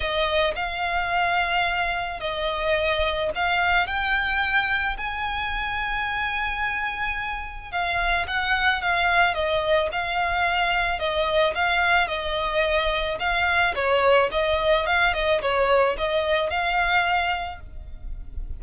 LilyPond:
\new Staff \with { instrumentName = "violin" } { \time 4/4 \tempo 4 = 109 dis''4 f''2. | dis''2 f''4 g''4~ | g''4 gis''2.~ | gis''2 f''4 fis''4 |
f''4 dis''4 f''2 | dis''4 f''4 dis''2 | f''4 cis''4 dis''4 f''8 dis''8 | cis''4 dis''4 f''2 | }